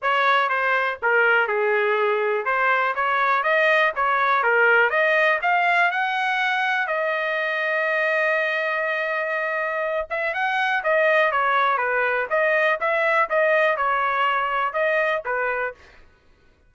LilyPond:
\new Staff \with { instrumentName = "trumpet" } { \time 4/4 \tempo 4 = 122 cis''4 c''4 ais'4 gis'4~ | gis'4 c''4 cis''4 dis''4 | cis''4 ais'4 dis''4 f''4 | fis''2 dis''2~ |
dis''1~ | dis''8 e''8 fis''4 dis''4 cis''4 | b'4 dis''4 e''4 dis''4 | cis''2 dis''4 b'4 | }